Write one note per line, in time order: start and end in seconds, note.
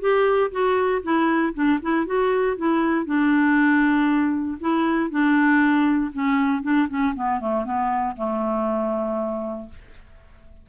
0.00 0.51 G4
0.52 1.02 F#4
1.03 1.54 E4
1.54 1.80 D4
1.82 2.06 E4
2.06 2.57 F#4
2.57 3.06 E4
3.06 4.58 D4
4.61 5.10 E4
5.10 6.12 D4
6.13 6.63 C#4
6.63 6.88 D4
6.89 7.14 C#4
7.15 7.40 B3
7.40 7.65 A3
7.65 8.16 B3
8.17 9.69 A3